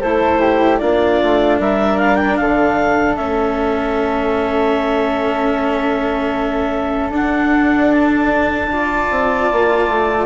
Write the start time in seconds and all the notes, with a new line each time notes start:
0.00 A3 E4 A4 C5
0.40 G4
0.78 A#3 D4 F4 D5
1.23 A3
1.60 G3 A#4 E5
1.98 F5
2.16 G5
2.37 D3 A4 F5
3.16 A3 C#4 E5
7.10 D4 F#5
7.93 A5
8.72 F4 D5
9.11 C4
9.53 A#3
9.88 A3